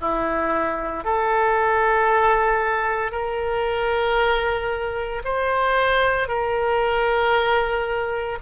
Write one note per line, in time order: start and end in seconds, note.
0.00 1.04 E4
1.04 3.11 A4
3.11 5.22 A#4
5.24 6.27 C5
6.27 8.38 A#4